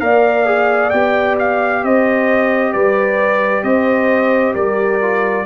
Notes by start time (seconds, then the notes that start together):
0.00 A#3 A#4 D5 F5
0.46 G#4
0.90 B3 G4 G5
1.39 F5
1.83 C4 C5 D#5
2.73 G3 B4 D5
3.63 C4 C5 D#5
4.54 G3 A#4 D5
5.01 F4